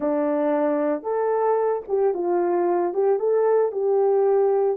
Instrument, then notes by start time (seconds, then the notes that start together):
horn
0.00 D4
1.02 A4
1.88 G4
2.14 F4
2.93 G4
3.19 A4
3.72 G4